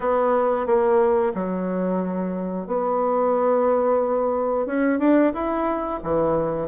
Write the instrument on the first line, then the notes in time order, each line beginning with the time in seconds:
bassoon
0.00 B3
0.66 A#3
1.34 F#3
2.66 B3
4.66 C#4
4.99 D4
5.33 E4
6.03 E3